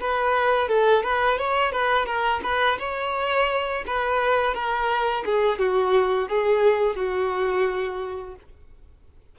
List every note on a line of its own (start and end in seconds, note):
0.00 0.68 B4
0.68 1.03 A4
1.03 1.38 B4
1.38 1.72 C#5
1.72 2.05 B4
2.05 2.40 A#4
2.43 2.78 B4
2.79 3.83 C#5
3.86 4.54 B4
4.54 5.24 A#4
5.25 5.58 G#4
5.58 6.28 F#4
6.29 6.95 G#4
6.95 8.35 F#4